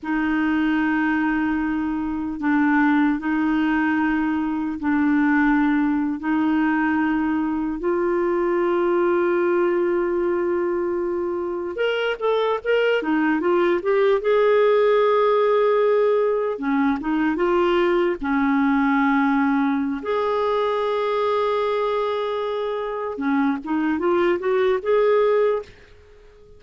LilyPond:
\new Staff \with { instrumentName = "clarinet" } { \time 4/4 \tempo 4 = 75 dis'2. d'4 | dis'2 d'4.~ d'16 dis'16~ | dis'4.~ dis'16 f'2~ f'16~ | f'2~ f'8. ais'8 a'8 ais'16~ |
ais'16 dis'8 f'8 g'8 gis'2~ gis'16~ | gis'8. cis'8 dis'8 f'4 cis'4~ cis'16~ | cis'4 gis'2.~ | gis'4 cis'8 dis'8 f'8 fis'8 gis'4 | }